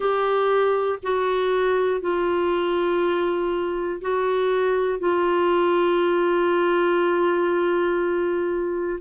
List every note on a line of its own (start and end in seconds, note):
0.00 0.99 G4
1.02 2.00 F#4
2.00 4.00 F4
4.01 4.99 F#4
4.99 8.99 F4